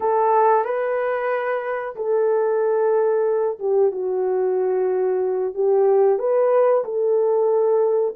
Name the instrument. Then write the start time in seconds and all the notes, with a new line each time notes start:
horn
0.00 A4
0.64 B4
1.95 A4
3.59 G4
3.91 F#4
5.54 G4
6.18 B4
6.84 A4